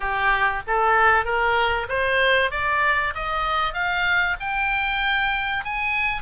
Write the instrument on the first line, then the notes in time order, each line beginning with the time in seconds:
oboe
0.00 G4
0.67 A4
1.24 A#4
1.89 C5
2.51 D5
3.14 D#5
3.73 F5
4.39 G5
5.64 G#5